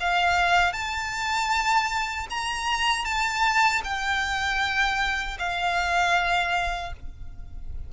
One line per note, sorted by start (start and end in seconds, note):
0.00 0.73 F5
0.73 2.27 A5
2.30 3.05 A#5
3.05 3.81 A5
3.84 5.38 G5
5.39 6.93 F5